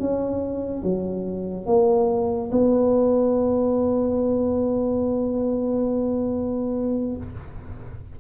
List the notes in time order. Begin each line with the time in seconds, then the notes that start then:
0.00 C#4
0.83 F#3
1.66 A#3
2.52 B3